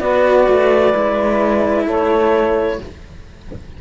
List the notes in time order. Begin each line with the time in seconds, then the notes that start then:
0.00 B3 F#4 B4 D5
0.48 A3
0.93 G#3 E4
1.86 A3 A4 C#5